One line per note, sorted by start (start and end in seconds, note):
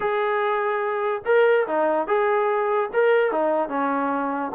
0.00 1.22 G#4
1.25 1.66 A#4
1.67 2.07 D#4
2.07 2.89 G#4
2.93 3.31 A#4
3.31 3.68 D#4
3.68 4.51 C#4